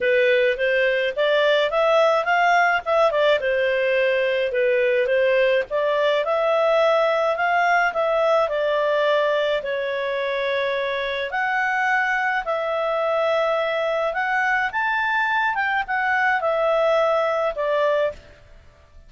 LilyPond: \new Staff \with { instrumentName = "clarinet" } { \time 4/4 \tempo 4 = 106 b'4 c''4 d''4 e''4 | f''4 e''8 d''8 c''2 | b'4 c''4 d''4 e''4~ | e''4 f''4 e''4 d''4~ |
d''4 cis''2. | fis''2 e''2~ | e''4 fis''4 a''4. g''8 | fis''4 e''2 d''4 | }